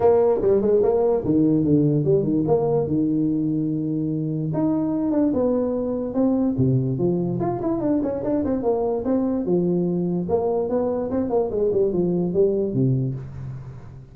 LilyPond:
\new Staff \with { instrumentName = "tuba" } { \time 4/4 \tempo 4 = 146 ais4 g8 gis8 ais4 dis4 | d4 g8 dis8 ais4 dis4~ | dis2. dis'4~ | dis'8 d'8 b2 c'4 |
c4 f4 f'8 e'8 d'8 cis'8 | d'8 c'8 ais4 c'4 f4~ | f4 ais4 b4 c'8 ais8 | gis8 g8 f4 g4 c4 | }